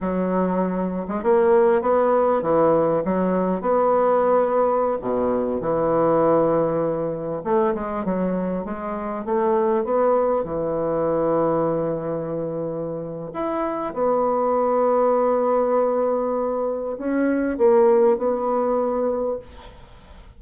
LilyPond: \new Staff \with { instrumentName = "bassoon" } { \time 4/4 \tempo 4 = 99 fis4.~ fis16 gis16 ais4 b4 | e4 fis4 b2~ | b16 b,4 e2~ e8.~ | e16 a8 gis8 fis4 gis4 a8.~ |
a16 b4 e2~ e8.~ | e2 e'4 b4~ | b1 | cis'4 ais4 b2 | }